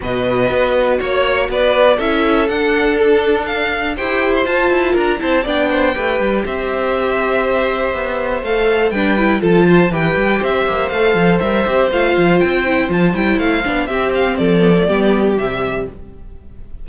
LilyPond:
<<
  \new Staff \with { instrumentName = "violin" } { \time 4/4 \tempo 4 = 121 dis''2 cis''4 d''4 | e''4 fis''4 a'4 f''4 | g''8. c'''16 a''4 ais''8 a''8 g''4~ | g''4 e''2.~ |
e''4 f''4 g''4 a''4 | g''4 e''4 f''4 e''4 | f''4 g''4 a''8 g''8 f''4 | e''8 f''8 d''2 e''4 | }
  \new Staff \with { instrumentName = "violin" } { \time 4/4 b'2 cis''4 b'4 | a'1 | c''2 ais'8 c''8 d''8 c''8 | b'4 c''2.~ |
c''2 b'4 a'8 c''8 | b'4 c''2.~ | c''1 | g'4 a'4 g'2 | }
  \new Staff \with { instrumentName = "viola" } { \time 4/4 fis'1 | e'4 d'2. | g'4 f'4. e'8 d'4 | g'1~ |
g'4 a'4 d'8 e'8 f'4 | g'2 a'4 ais'8 g'8 | f'4. e'8 f'8 e'4 d'8 | c'4. b16 a16 b4 g4 | }
  \new Staff \with { instrumentName = "cello" } { \time 4/4 b,4 b4 ais4 b4 | cis'4 d'2. | e'4 f'8 e'8 d'8 c'8 b4 | a8 g8 c'2. |
b4 a4 g4 f4 | e8 g8 c'8 ais8 a8 f8 g8 c'8 | a8 f8 c'4 f8 g8 a8 b8 | c'4 f4 g4 c4 | }
>>